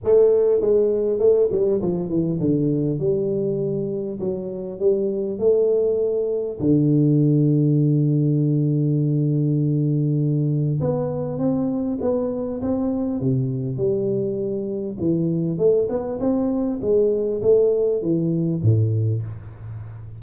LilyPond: \new Staff \with { instrumentName = "tuba" } { \time 4/4 \tempo 4 = 100 a4 gis4 a8 g8 f8 e8 | d4 g2 fis4 | g4 a2 d4~ | d1~ |
d2 b4 c'4 | b4 c'4 c4 g4~ | g4 e4 a8 b8 c'4 | gis4 a4 e4 a,4 | }